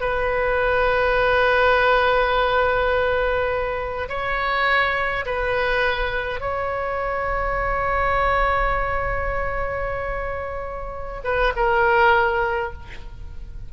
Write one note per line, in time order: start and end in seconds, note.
0.00 4.08 B4
4.08 5.25 C#5
5.25 6.40 B4
6.40 11.21 C#5
11.24 11.53 B4
11.56 12.72 A#4